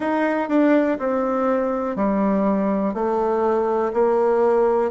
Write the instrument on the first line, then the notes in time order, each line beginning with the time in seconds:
bassoon
0.00 D#4
0.48 D4
0.98 C4
1.96 G3
2.93 A3
3.93 A#3